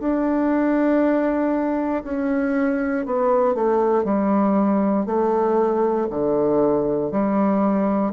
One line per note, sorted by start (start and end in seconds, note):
0.00 2.03 D4
2.04 3.06 C#4
3.06 3.55 B3
3.55 4.04 A3
4.04 5.06 G3
5.06 6.07 A3
6.11 7.11 D3
7.11 8.13 G3